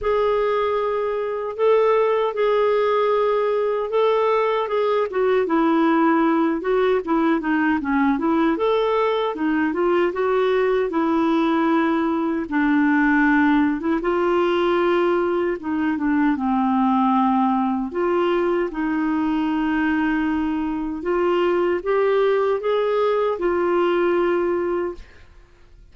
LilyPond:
\new Staff \with { instrumentName = "clarinet" } { \time 4/4 \tempo 4 = 77 gis'2 a'4 gis'4~ | gis'4 a'4 gis'8 fis'8 e'4~ | e'8 fis'8 e'8 dis'8 cis'8 e'8 a'4 | dis'8 f'8 fis'4 e'2 |
d'4.~ d'16 e'16 f'2 | dis'8 d'8 c'2 f'4 | dis'2. f'4 | g'4 gis'4 f'2 | }